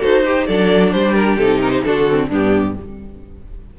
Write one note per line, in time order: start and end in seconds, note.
0.00 0.49 D#4
0.00 0.23 F#4
0.00 0.23 A4
0.00 0.47 C5
0.26 0.49 G4
0.26 0.48 G4
0.47 0.94 F#3
0.47 1.41 D4
0.47 0.93 A4
0.47 0.92 D5
0.92 1.37 G3
0.92 1.86 G4
0.92 1.14 C5
1.14 1.37 A#4
1.37 1.83 C3
1.37 1.85 D#4
1.37 1.60 A4
1.61 1.71 A#4
1.71 1.82 C5
1.84 2.31 D3
1.84 2.08 D4
1.84 2.29 F#4
1.84 2.30 A4
2.09 2.32 C4
2.29 2.77 G2
2.29 2.78 B3
2.29 2.74 D4
2.29 2.79 G4